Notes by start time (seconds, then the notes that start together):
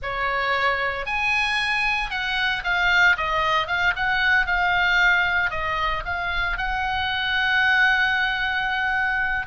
0.02 C#5
1.06 G#5
2.10 F#5
2.63 F5
3.17 D#5
3.67 F5
3.96 F#5
4.46 F5
5.50 D#5
6.05 F5
6.57 F#5